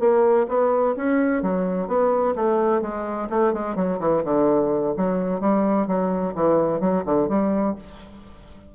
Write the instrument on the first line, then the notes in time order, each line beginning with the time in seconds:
bassoon
0.00 A#3
0.49 B3
0.97 C#4
1.43 F#3
1.88 B3
2.36 A3
2.82 G#3
3.30 A3
3.53 G#3
3.76 F#3
4.00 E3
4.24 D3
4.97 F#3
5.41 G3
5.87 F#3
6.35 E3
6.81 F#3
7.05 D3
7.29 G3